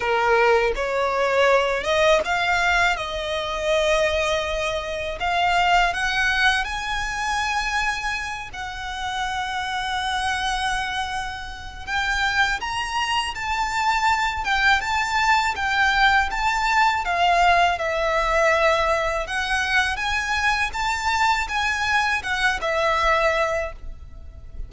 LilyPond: \new Staff \with { instrumentName = "violin" } { \time 4/4 \tempo 4 = 81 ais'4 cis''4. dis''8 f''4 | dis''2. f''4 | fis''4 gis''2~ gis''8 fis''8~ | fis''1 |
g''4 ais''4 a''4. g''8 | a''4 g''4 a''4 f''4 | e''2 fis''4 gis''4 | a''4 gis''4 fis''8 e''4. | }